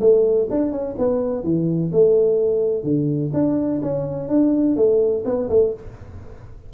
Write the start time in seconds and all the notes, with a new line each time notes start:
0.00 A3
0.50 D4
0.71 C#4
0.98 B3
1.43 E3
1.92 A3
2.83 D3
3.33 D4
3.82 C#4
4.28 D4
4.76 A3
5.25 B3
5.49 A3